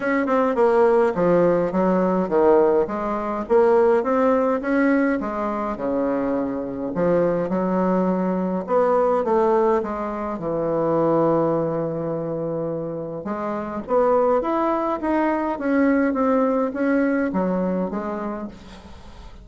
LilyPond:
\new Staff \with { instrumentName = "bassoon" } { \time 4/4 \tempo 4 = 104 cis'8 c'8 ais4 f4 fis4 | dis4 gis4 ais4 c'4 | cis'4 gis4 cis2 | f4 fis2 b4 |
a4 gis4 e2~ | e2. gis4 | b4 e'4 dis'4 cis'4 | c'4 cis'4 fis4 gis4 | }